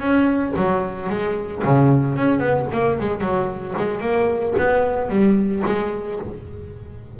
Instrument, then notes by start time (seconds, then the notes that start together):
double bass
0.00 C#4
0.56 F#3
1.10 G#3
1.64 C#3
2.16 C#4
2.40 B3
2.72 A#3
3.00 G#3
3.21 F#3
3.77 G#3
4.01 A#3
4.58 B3
5.10 G3
5.66 G#3